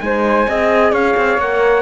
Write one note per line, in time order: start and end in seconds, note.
0.00 0.47 G#3
0.00 0.46 D#4
0.00 0.48 C5
0.00 0.93 G#5
0.48 0.92 C4
0.48 1.40 G#4
0.48 0.92 D#5
0.92 1.15 C#4
0.92 1.81 C#5
0.92 1.40 F5
1.16 1.37 C4
1.37 1.81 A#3
1.37 1.81 A#4
1.37 1.81 F#5